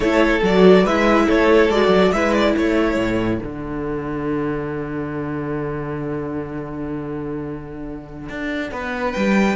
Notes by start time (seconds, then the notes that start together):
0.00 A3 E4 A4 C#5
0.42 F#3 F#4 D5
0.83 G#3 E4 B4 E5
1.26 A3 A4 C#5
1.69 G#3 F#4 D5
1.87 F#3
2.12 G#3 E4 B4 E5
2.33 D5
2.56 A3 A4 C#5
2.96 A2
3.39 D3 D4 F#5
8.29 D4
8.71 B3 B4
9.13 G3 G5